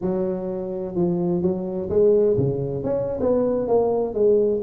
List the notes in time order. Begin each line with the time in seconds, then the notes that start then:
0.01 F#3
0.95 F3
1.42 F#3
1.89 G#3
2.37 C#3
2.83 C#4
3.20 B3
3.67 A#3
4.14 G#3